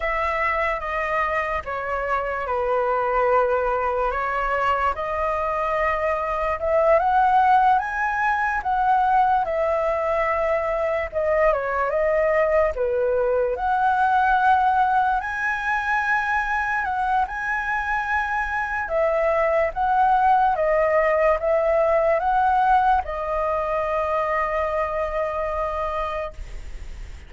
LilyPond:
\new Staff \with { instrumentName = "flute" } { \time 4/4 \tempo 4 = 73 e''4 dis''4 cis''4 b'4~ | b'4 cis''4 dis''2 | e''8 fis''4 gis''4 fis''4 e''8~ | e''4. dis''8 cis''8 dis''4 b'8~ |
b'8 fis''2 gis''4.~ | gis''8 fis''8 gis''2 e''4 | fis''4 dis''4 e''4 fis''4 | dis''1 | }